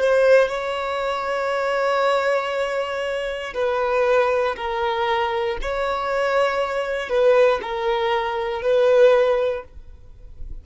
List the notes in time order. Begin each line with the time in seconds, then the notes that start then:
0.00 C5
0.49 C#5
3.54 B4
4.56 A#4
5.62 C#5
7.09 B4
7.62 A#4
8.62 B4